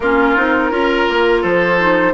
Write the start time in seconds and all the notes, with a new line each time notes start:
0.00 A#3 C#4 F4 A#4
0.36 C4 D#4
0.70 C#4 F4 A#4
1.09 A#3
1.41 F3 A4 C5
1.80 D#4